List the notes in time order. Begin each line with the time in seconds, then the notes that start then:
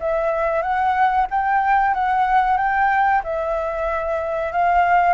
0.00 E5
0.62 F#5
1.30 G5
1.94 F#5
2.57 G5
3.23 E5
4.52 F5